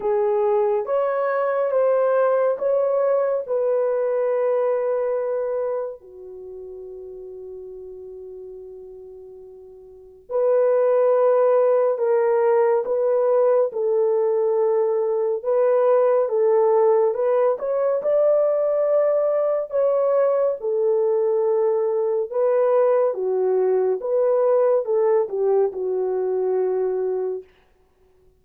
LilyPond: \new Staff \with { instrumentName = "horn" } { \time 4/4 \tempo 4 = 70 gis'4 cis''4 c''4 cis''4 | b'2. fis'4~ | fis'1 | b'2 ais'4 b'4 |
a'2 b'4 a'4 | b'8 cis''8 d''2 cis''4 | a'2 b'4 fis'4 | b'4 a'8 g'8 fis'2 | }